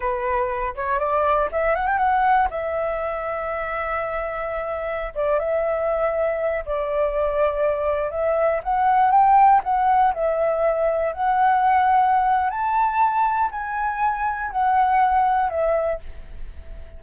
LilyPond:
\new Staff \with { instrumentName = "flute" } { \time 4/4 \tempo 4 = 120 b'4. cis''8 d''4 e''8 fis''16 g''16 | fis''4 e''2.~ | e''2~ e''16 d''8 e''4~ e''16~ | e''4~ e''16 d''2~ d''8.~ |
d''16 e''4 fis''4 g''4 fis''8.~ | fis''16 e''2 fis''4.~ fis''16~ | fis''4 a''2 gis''4~ | gis''4 fis''2 e''4 | }